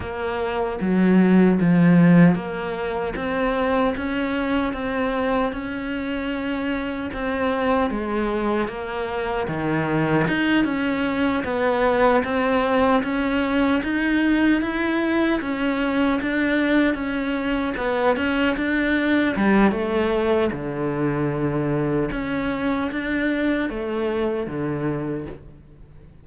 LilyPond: \new Staff \with { instrumentName = "cello" } { \time 4/4 \tempo 4 = 76 ais4 fis4 f4 ais4 | c'4 cis'4 c'4 cis'4~ | cis'4 c'4 gis4 ais4 | dis4 dis'8 cis'4 b4 c'8~ |
c'8 cis'4 dis'4 e'4 cis'8~ | cis'8 d'4 cis'4 b8 cis'8 d'8~ | d'8 g8 a4 d2 | cis'4 d'4 a4 d4 | }